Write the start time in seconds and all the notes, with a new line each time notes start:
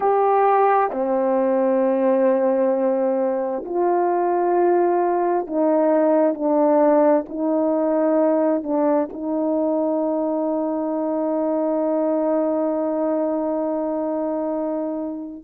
0.00 G4
0.90 C4
3.65 F4
5.46 D#4
6.33 D4
7.29 D#4
8.63 D4
9.12 D#4